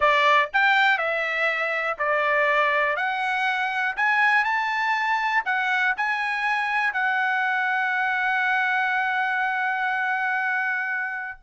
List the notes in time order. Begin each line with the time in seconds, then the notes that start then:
0.00 D5
0.53 G5
0.98 E5
1.98 D5
2.96 F#5
3.96 G#5
4.44 A5
5.45 F#5
5.97 G#5
6.93 F#5